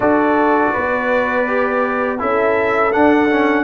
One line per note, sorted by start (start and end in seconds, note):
0.00 0.70 D4
0.00 1.46 F#4
0.00 0.73 A4
0.00 2.20 D5
0.73 2.21 B3
0.73 2.19 B4
1.47 2.18 G4
2.18 2.93 C#4
2.18 2.91 E4
2.18 3.64 A4
2.18 2.92 E5
2.92 3.29 D4
2.92 3.64 D4
2.92 3.64 F#5
3.29 3.64 C#4